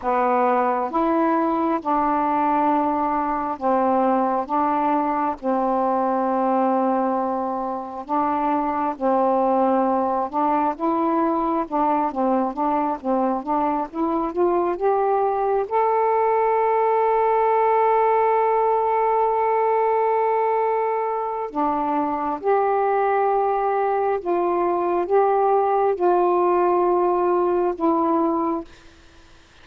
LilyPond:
\new Staff \with { instrumentName = "saxophone" } { \time 4/4 \tempo 4 = 67 b4 e'4 d'2 | c'4 d'4 c'2~ | c'4 d'4 c'4. d'8 | e'4 d'8 c'8 d'8 c'8 d'8 e'8 |
f'8 g'4 a'2~ a'8~ | a'1 | d'4 g'2 f'4 | g'4 f'2 e'4 | }